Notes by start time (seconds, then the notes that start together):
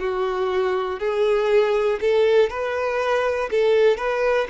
0.00 F#4
1.00 G#4
2.01 A4
2.50 B4
3.51 A4
3.98 B4